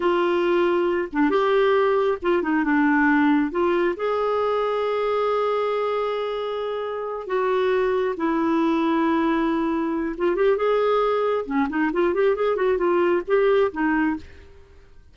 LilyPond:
\new Staff \with { instrumentName = "clarinet" } { \time 4/4 \tempo 4 = 136 f'2~ f'8 d'8 g'4~ | g'4 f'8 dis'8 d'2 | f'4 gis'2.~ | gis'1~ |
gis'8 fis'2 e'4.~ | e'2. f'8 g'8 | gis'2 cis'8 dis'8 f'8 g'8 | gis'8 fis'8 f'4 g'4 dis'4 | }